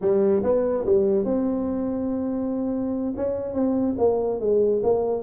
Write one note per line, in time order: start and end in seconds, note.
0.01 0.43 G3
0.43 0.85 B3
0.85 1.24 G3
1.24 3.13 C4
3.16 3.53 C#4
3.53 3.95 C4
3.97 4.39 A#3
4.40 4.82 G#3
4.83 5.22 A#3